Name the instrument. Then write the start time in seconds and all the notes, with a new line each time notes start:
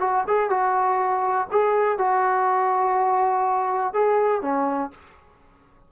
trombone
0.00 F#4
0.27 G#4
0.50 F#4
1.51 G#4
1.98 F#4
3.93 G#4
4.42 C#4